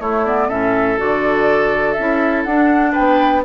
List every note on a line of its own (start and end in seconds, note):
0.00 0.49 A3
0.00 0.26 A3
0.00 0.48 E4
0.00 0.25 C#5
0.25 0.50 B3
0.25 0.50 D5
0.48 0.99 A2
0.48 0.98 C#4
0.48 2.92 A4
0.48 0.99 E5
0.98 1.99 D3
0.98 1.96 F#4
0.98 1.93 D5
1.93 2.46 C#4
1.93 2.42 E5
1.99 2.48 E4
2.44 2.95 D4
2.44 3.45 D4
2.44 2.93 F#5
2.92 3.41 B4
2.92 3.44 G5
2.99 3.45 B3